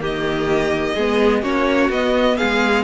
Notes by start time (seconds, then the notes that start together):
0.00 D#3 A#3 G4 D#5
0.95 G#3 B3 G#4
1.42 A#3 C#4 F#4 C#5
1.90 B3 D#5
2.37 G#3 G#4 F5